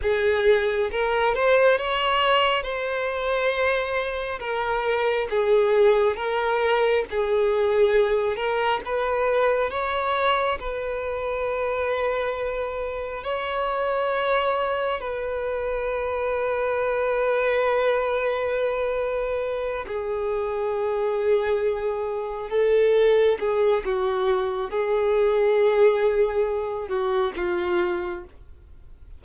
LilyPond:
\new Staff \with { instrumentName = "violin" } { \time 4/4 \tempo 4 = 68 gis'4 ais'8 c''8 cis''4 c''4~ | c''4 ais'4 gis'4 ais'4 | gis'4. ais'8 b'4 cis''4 | b'2. cis''4~ |
cis''4 b'2.~ | b'2~ b'8 gis'4.~ | gis'4. a'4 gis'8 fis'4 | gis'2~ gis'8 fis'8 f'4 | }